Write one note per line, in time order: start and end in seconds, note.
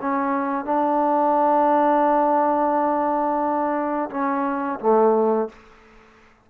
0.00 0.65 C#4
0.65 4.09 D4
4.10 4.79 C#4
4.80 5.49 A3